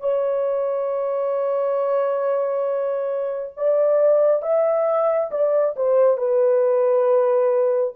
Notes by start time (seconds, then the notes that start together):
0.00 C#5
3.57 D5
4.42 E5
5.31 D5
5.76 C5
6.17 B4